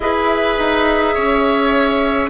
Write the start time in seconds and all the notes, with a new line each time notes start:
0.00 E4 G#4 B4 E5
0.58 D#4
1.14 C#4 C#5